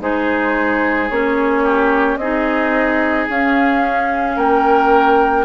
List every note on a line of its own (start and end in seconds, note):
0.00 1.10 G#3
0.00 1.09 D#4
0.00 1.63 G#4
0.00 1.09 C5
1.09 2.17 A#3
1.09 2.20 C#4
1.09 2.17 C#5
1.63 2.18 G4
2.17 3.26 C4
2.17 3.30 D#4
2.17 4.36 G#4
2.17 3.26 D#5
3.29 4.37 C#4
3.29 5.45 C#4
3.29 4.37 F5
4.36 5.45 A#3
4.36 5.45 A#4
4.36 5.45 G5